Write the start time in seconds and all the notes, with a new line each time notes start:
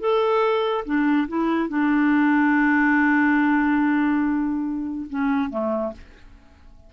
0.00 A4
0.85 D4
1.28 E4
1.69 D4
5.10 C#4
5.50 A3